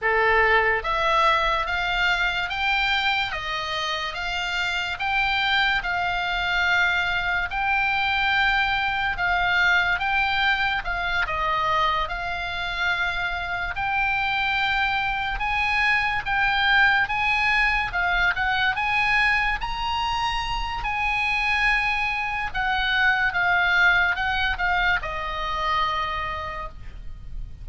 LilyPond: \new Staff \with { instrumentName = "oboe" } { \time 4/4 \tempo 4 = 72 a'4 e''4 f''4 g''4 | dis''4 f''4 g''4 f''4~ | f''4 g''2 f''4 | g''4 f''8 dis''4 f''4.~ |
f''8 g''2 gis''4 g''8~ | g''8 gis''4 f''8 fis''8 gis''4 ais''8~ | ais''4 gis''2 fis''4 | f''4 fis''8 f''8 dis''2 | }